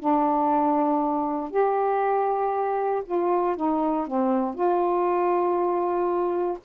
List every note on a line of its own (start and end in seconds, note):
0.00 1.51 D4
1.51 3.04 G4
3.06 3.57 F4
3.57 4.07 D#4
4.07 4.55 C4
4.55 6.58 F4